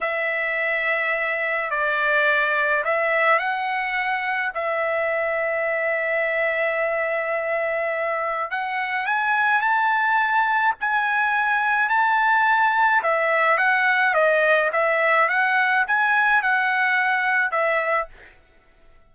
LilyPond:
\new Staff \with { instrumentName = "trumpet" } { \time 4/4 \tempo 4 = 106 e''2. d''4~ | d''4 e''4 fis''2 | e''1~ | e''2. fis''4 |
gis''4 a''2 gis''4~ | gis''4 a''2 e''4 | fis''4 dis''4 e''4 fis''4 | gis''4 fis''2 e''4 | }